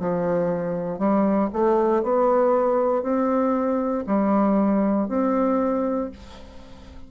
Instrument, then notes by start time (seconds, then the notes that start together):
bassoon
0.00 F3
0.99 G3
1.53 A3
2.03 B3
3.03 C4
4.07 G3
5.09 C4